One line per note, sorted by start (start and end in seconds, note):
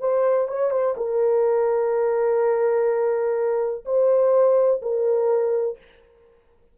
0.00 0.48 C5
0.48 0.71 C#5
0.71 0.95 C5
0.97 3.85 A#4
3.85 4.81 C5
4.82 5.78 A#4